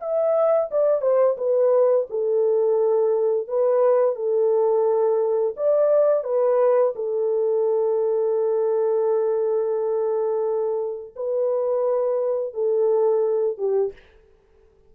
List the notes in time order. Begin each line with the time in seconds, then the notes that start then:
0.00 E5
0.71 D5
1.01 C5
1.37 B4
2.10 A4
3.48 B4
4.15 A4
5.57 D5
6.23 B4
6.95 A4
11.15 B4
12.54 A4
13.58 G4